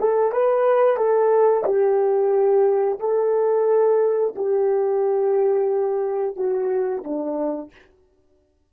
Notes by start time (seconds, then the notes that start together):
0.00 A4
0.32 B4
0.97 A4
1.65 G4
3.00 A4
4.36 G4
6.36 F#4
7.04 D4